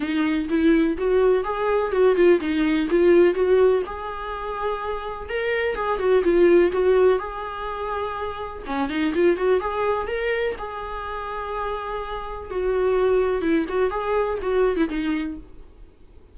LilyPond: \new Staff \with { instrumentName = "viola" } { \time 4/4 \tempo 4 = 125 dis'4 e'4 fis'4 gis'4 | fis'8 f'8 dis'4 f'4 fis'4 | gis'2. ais'4 | gis'8 fis'8 f'4 fis'4 gis'4~ |
gis'2 cis'8 dis'8 f'8 fis'8 | gis'4 ais'4 gis'2~ | gis'2 fis'2 | e'8 fis'8 gis'4 fis'8. e'16 dis'4 | }